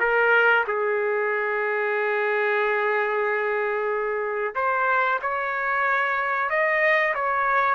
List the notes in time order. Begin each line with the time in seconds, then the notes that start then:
0.00 A#4
0.68 G#4
4.55 C5
5.22 C#5
6.50 D#5
7.15 C#5